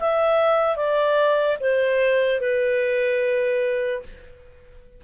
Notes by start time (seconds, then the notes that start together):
0.00 E5
0.76 D5
1.61 C5
2.41 B4